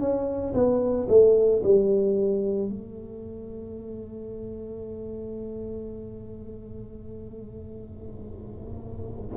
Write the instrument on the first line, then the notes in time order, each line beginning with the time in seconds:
tuba
0.00 C#4
0.54 B3
1.09 A3
1.64 G3
2.69 A3